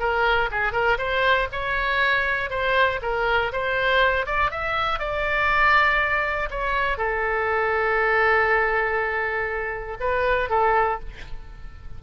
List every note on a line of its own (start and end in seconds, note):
0.00 0.50 A#4
0.51 0.73 G#4
0.73 0.98 A#4
0.98 1.48 C5
1.52 2.50 C#5
2.50 3.00 C5
3.02 3.52 A#4
3.52 4.26 C5
4.26 4.51 D5
4.51 5.00 E5
5.00 6.50 D5
6.51 6.98 C#5
6.98 9.98 A4
10.00 10.50 B4
10.50 11.00 A4